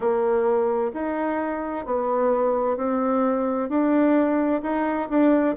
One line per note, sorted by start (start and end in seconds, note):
0.00 0.91 A#3
0.93 1.85 D#4
1.85 2.77 B3
2.77 3.69 C4
3.69 4.61 D4
4.62 5.08 D#4
5.09 5.55 D4